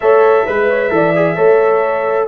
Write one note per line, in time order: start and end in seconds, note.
0.00 0.47 A3
0.00 0.47 A4
0.00 0.45 C#5
0.00 2.28 E5
0.45 0.90 G#3
0.45 0.68 B4
0.45 0.90 B4
0.69 0.92 C#5
0.90 1.36 E3
0.90 1.13 A4
0.90 1.35 D5
1.15 1.36 G#4
1.35 2.28 A3
1.35 2.28 A4
1.35 2.27 C#5